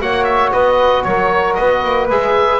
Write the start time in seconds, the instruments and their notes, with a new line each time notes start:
0.00 double bass A#3, trombone F#4, flute C#5, oboe F#5
0.24 oboe E5
0.52 double bass B3, flute B4, oboe D#5
1.03 double bass F#3, flute A#4, oboe C#5
1.54 double bass B3, flute B4, oboe D#5
1.84 double bass A#3
2.09 double bass G#3, trombone G#4, oboe E5